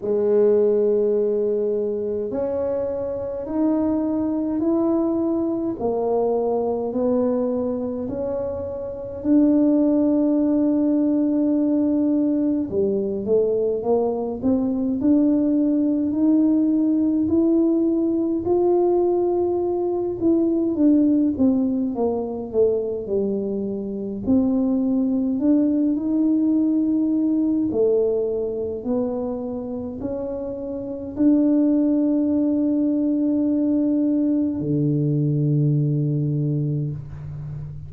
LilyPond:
\new Staff \with { instrumentName = "tuba" } { \time 4/4 \tempo 4 = 52 gis2 cis'4 dis'4 | e'4 ais4 b4 cis'4 | d'2. g8 a8 | ais8 c'8 d'4 dis'4 e'4 |
f'4. e'8 d'8 c'8 ais8 a8 | g4 c'4 d'8 dis'4. | a4 b4 cis'4 d'4~ | d'2 d2 | }